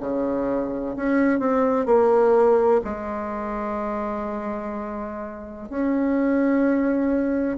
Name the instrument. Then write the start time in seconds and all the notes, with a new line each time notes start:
bassoon
0.00 C#3
0.96 C#4
1.39 C4
1.85 A#3
2.84 G#3
5.69 C#4